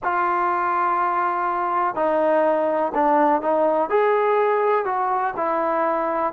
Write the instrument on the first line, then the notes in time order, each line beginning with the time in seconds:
trombone
0.03 F4
1.95 D#4
2.94 D4
3.41 D#4
3.89 G#4
4.85 F#4
5.36 E4